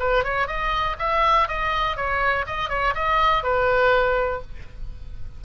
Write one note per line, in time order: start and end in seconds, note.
0.00 0.24 B4
0.24 0.48 C#5
0.48 0.97 D#5
0.99 1.48 E5
1.48 1.96 D#5
1.96 2.46 C#5
2.47 2.69 D#5
2.69 2.94 C#5
2.95 3.43 D#5
3.43 4.42 B4